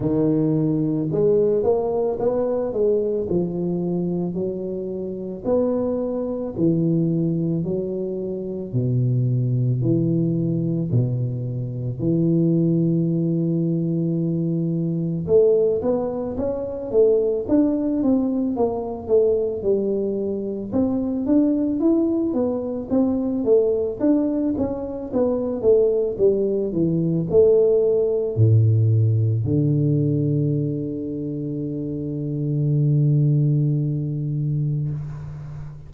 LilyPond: \new Staff \with { instrumentName = "tuba" } { \time 4/4 \tempo 4 = 55 dis4 gis8 ais8 b8 gis8 f4 | fis4 b4 e4 fis4 | b,4 e4 b,4 e4~ | e2 a8 b8 cis'8 a8 |
d'8 c'8 ais8 a8 g4 c'8 d'8 | e'8 b8 c'8 a8 d'8 cis'8 b8 a8 | g8 e8 a4 a,4 d4~ | d1 | }